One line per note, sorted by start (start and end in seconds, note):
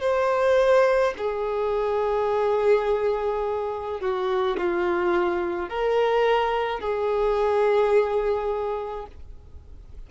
0.00 1.13 C5
1.17 4.00 G#4
4.00 4.56 F#4
4.57 5.69 F4
5.69 6.80 A#4
6.80 9.06 G#4